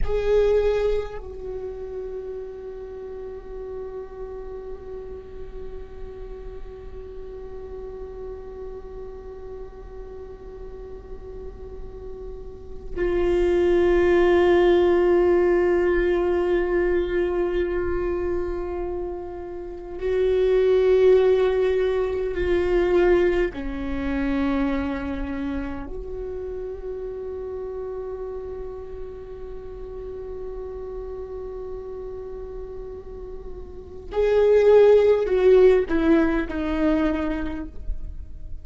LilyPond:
\new Staff \with { instrumentName = "viola" } { \time 4/4 \tempo 4 = 51 gis'4 fis'2.~ | fis'1~ | fis'2. f'4~ | f'1~ |
f'4 fis'2 f'4 | cis'2 fis'2~ | fis'1~ | fis'4 gis'4 fis'8 e'8 dis'4 | }